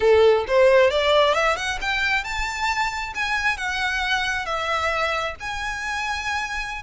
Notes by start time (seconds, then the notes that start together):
0.00 A4
0.47 C5
0.90 D5
1.34 E5
1.56 F#5
1.81 G5
2.23 A5
3.14 G#5
3.57 F#5
4.45 E5
5.40 G#5